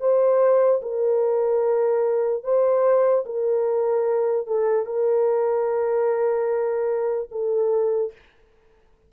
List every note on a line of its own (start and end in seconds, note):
0.00 0.81 C5
0.82 2.44 A#4
2.44 3.25 C5
3.26 4.47 A#4
4.47 4.86 A4
4.86 7.29 A#4
7.32 8.13 A4